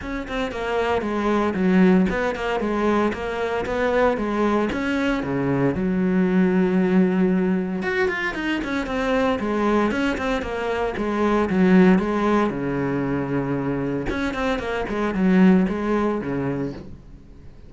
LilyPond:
\new Staff \with { instrumentName = "cello" } { \time 4/4 \tempo 4 = 115 cis'8 c'8 ais4 gis4 fis4 | b8 ais8 gis4 ais4 b4 | gis4 cis'4 cis4 fis4~ | fis2. fis'8 f'8 |
dis'8 cis'8 c'4 gis4 cis'8 c'8 | ais4 gis4 fis4 gis4 | cis2. cis'8 c'8 | ais8 gis8 fis4 gis4 cis4 | }